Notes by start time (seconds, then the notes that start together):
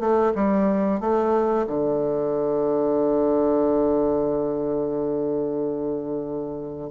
0.00 A3
0.35 G3
1.01 A3
1.67 D3